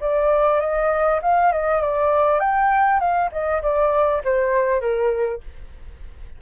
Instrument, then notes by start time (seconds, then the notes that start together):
flute
0.00 D5
0.60 D#5
1.22 F5
1.52 D#5
1.81 D5
2.40 G5
3.00 F5
3.32 D#5
3.62 D5
4.24 C5
4.81 A#4